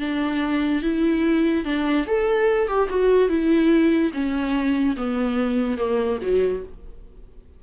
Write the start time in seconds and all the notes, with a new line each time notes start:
0.00 D4
0.82 E4
1.64 D4
2.07 A4
2.68 G4
2.89 F#4
3.29 E4
4.13 C#4
4.97 B3
5.78 A#3
6.22 F#3